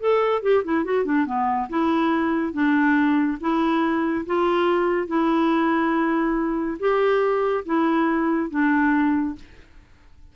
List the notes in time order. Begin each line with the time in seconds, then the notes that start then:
0.00 A4
0.42 G4
0.64 E4
0.85 F#4
1.05 D4
1.26 B3
1.69 E4
2.53 D4
3.40 E4
4.26 F4
5.07 E4
6.79 G4
7.65 E4
8.50 D4